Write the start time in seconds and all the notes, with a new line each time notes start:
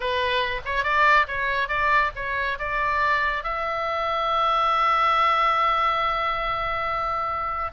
0.00 B4
0.65 C#5
0.83 D5
1.27 C#5
1.68 D5
2.15 C#5
2.58 D5
3.43 E5